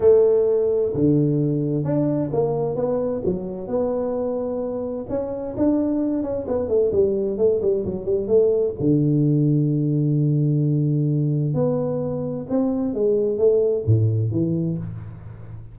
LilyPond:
\new Staff \with { instrumentName = "tuba" } { \time 4/4 \tempo 4 = 130 a2 d2 | d'4 ais4 b4 fis4 | b2. cis'4 | d'4. cis'8 b8 a8 g4 |
a8 g8 fis8 g8 a4 d4~ | d1~ | d4 b2 c'4 | gis4 a4 a,4 e4 | }